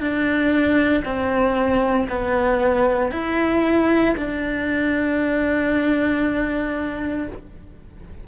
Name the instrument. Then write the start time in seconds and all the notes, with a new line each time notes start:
cello
0.00 D4
1.05 C4
2.09 B3
3.12 E4
4.17 D4